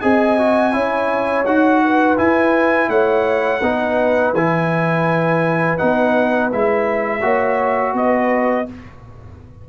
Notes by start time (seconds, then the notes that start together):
0.00 C4 G#4 D#5 G#5
0.38 F#4
0.72 C#4 E4 C#5
1.45 D#4 F#4 F#5
1.84 B4
2.17 E4 G#5
2.88 A3 C#5 F#5
3.61 B3 D#4 B4
4.32 E3 E4 G#5
5.77 B3 D#4 F#5
6.52 G#3 E4 E5
7.21 A#3 F#4 C#5
7.93 B3 B4 D#5